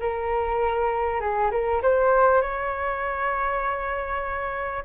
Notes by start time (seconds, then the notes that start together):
0.00 A#4
1.21 G#4
1.52 A#4
1.82 C5
2.42 C#5